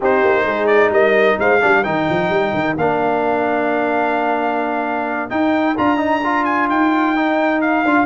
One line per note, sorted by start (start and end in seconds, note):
0.00 0.24 C4
0.00 1.60 D#4
0.00 0.44 G4
0.00 0.66 C5
0.24 0.44 A#3
0.44 0.89 G#3
0.44 0.92 G#4
0.66 0.90 D5
0.89 1.36 G3
0.89 1.39 A#4
0.89 1.39 D#5
1.39 1.62 G#3
1.39 1.62 C5
1.39 1.83 F5
1.60 1.85 G3
1.60 1.83 D4
1.60 8.05 A#4
1.83 2.08 D#3
1.83 2.76 D#4
1.83 2.76 G5
2.09 2.29 F3
2.29 2.52 G3
2.53 2.76 D#3
2.77 5.30 A#3
2.77 5.29 D4
2.77 5.29 F5
5.29 5.75 D#4
5.29 5.77 D#4
5.29 5.76 G5
5.77 6.69 D4
5.77 5.97 F4
5.77 6.45 A#5
5.97 6.20 D#4
6.23 7.15 F4
6.45 6.68 G#5
6.69 7.84 D#4
6.69 7.61 G5
7.15 7.85 D#4
7.61 8.05 F5
7.84 8.05 D4
7.84 8.05 F4